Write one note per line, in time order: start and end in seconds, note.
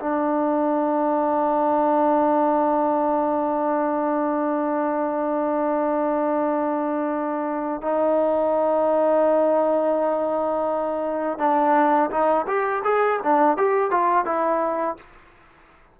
0.00 7.82 D4
7.82 11.38 D#4
11.38 12.10 D4
12.10 12.46 D#4
12.47 12.83 G4
12.84 13.20 G#4
13.23 13.57 D4
13.57 13.91 G4
13.91 14.25 F4
14.25 14.97 E4